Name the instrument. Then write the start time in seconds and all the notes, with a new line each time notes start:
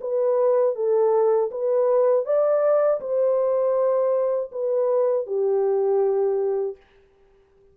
horn
0.00 B4
0.75 A4
1.50 B4
2.25 D5
3.00 C5
4.51 B4
5.26 G4